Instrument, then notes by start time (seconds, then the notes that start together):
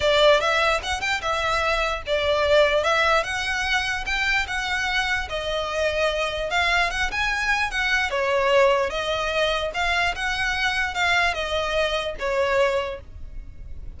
violin
0.00 D5
0.40 E5
0.82 F#5
1.00 G5
1.21 E5
2.06 D5
2.83 E5
3.23 F#5
4.05 G5
4.47 F#5
5.29 D#5
6.50 F5
6.90 F#5
7.11 G#5
7.70 F#5
8.10 C#5
8.90 D#5
9.74 F5
10.15 F#5
10.94 F5
11.34 D#5
12.19 C#5